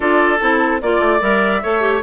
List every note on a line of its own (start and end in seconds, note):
0.00 0.39 D4
0.00 0.39 F4
0.00 0.81 A4
0.00 0.39 D5
0.40 0.81 C4
0.40 0.81 E4
0.40 0.80 A4
0.81 0.99 A#3
0.81 1.20 F4
0.81 1.21 D5
0.81 1.62 D5
0.99 1.19 A3
1.20 1.62 G3
1.20 1.61 A#4
1.20 2.02 E5
1.62 2.03 A3
1.62 1.80 A4
1.62 2.03 C#5
1.80 2.00 G4